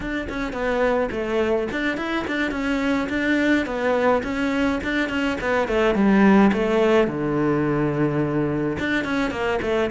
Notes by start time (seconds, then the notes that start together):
0.00 D4
0.29 C#4
0.52 B3
1.11 A3
1.71 D4
1.97 E4
2.27 D4
2.51 C#4
3.09 D4
3.65 B3
4.23 C#4
4.83 D4
5.09 C#4
5.40 B3
5.68 A3
5.94 G3
6.52 A3
7.07 D3
8.79 D4
9.04 C#4
9.31 A#3
9.61 A3